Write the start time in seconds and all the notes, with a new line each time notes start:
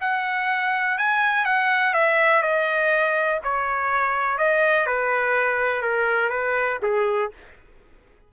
0.00 F#5
0.98 G#5
1.45 F#5
1.93 E5
2.42 D#5
3.43 C#5
4.38 D#5
4.86 B4
5.82 A#4
6.29 B4
6.82 G#4